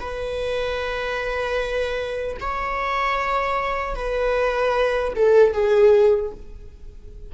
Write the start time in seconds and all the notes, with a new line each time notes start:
0.00 B4
2.40 C#5
3.95 B4
5.16 A4
5.53 G#4